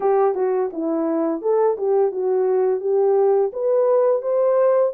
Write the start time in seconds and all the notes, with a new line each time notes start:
0.00 G4
0.35 F#4
0.73 E4
1.41 A4
1.77 G4
2.11 F#4
2.80 G4
3.52 B4
4.22 C5